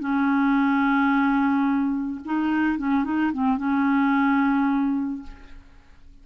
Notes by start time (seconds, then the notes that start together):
0.00 C#4
2.25 D#4
2.78 C#4
3.04 D#4
3.33 C4
3.58 C#4